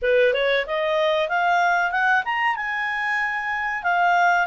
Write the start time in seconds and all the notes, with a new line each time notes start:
0.02 B4
0.33 C#5
0.66 D#5
1.29 F5
1.91 F#5
2.24 A#5
2.56 G#5
3.83 F5